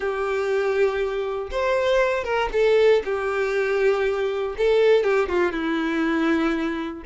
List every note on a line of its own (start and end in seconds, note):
0.00 1.50 G4
1.51 2.23 C5
2.23 2.49 A#4
2.52 3.02 A4
3.04 4.55 G4
4.57 5.03 A4
5.03 5.28 G4
5.28 5.52 F4
5.52 7.03 E4